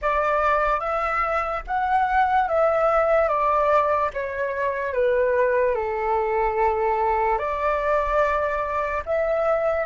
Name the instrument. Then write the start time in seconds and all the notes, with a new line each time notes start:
flute
0.01 D5
0.80 E5
1.67 F#5
2.48 E5
3.28 D5
4.13 C#5
4.93 B4
5.75 A4
7.38 D5
9.05 E5